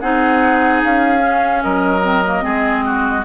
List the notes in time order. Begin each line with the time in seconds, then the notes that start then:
0.00 C4 D#4 G#4 F#5
0.83 C#4 F5
1.19 C#4
1.62 F#3 A#4 D#5
2.02 C4
2.25 A#3
2.41 G#3 C4 G#4
2.85 F#4